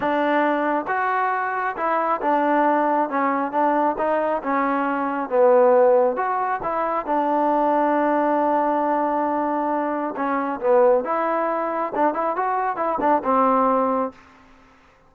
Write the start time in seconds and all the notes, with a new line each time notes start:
0.00 D4
0.87 F#4
1.76 E4
2.21 D4
3.09 C#4
3.51 D4
3.98 D#4
4.42 C#4
5.29 B3
6.16 F#4
6.63 E4
7.05 D4
10.16 C#4
10.60 B3
11.04 E4
11.95 D4
12.14 E4
12.36 F#4
12.76 E4
13.00 D4
13.24 C4